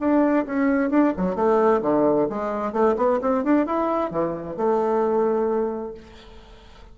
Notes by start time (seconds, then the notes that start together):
0.00 D4
0.46 C#4
0.90 D4
1.17 F#3
1.36 A3
1.82 D3
2.30 G#3
2.73 A3
2.97 B3
3.22 C4
3.44 D4
3.67 E4
4.11 E3
4.57 A3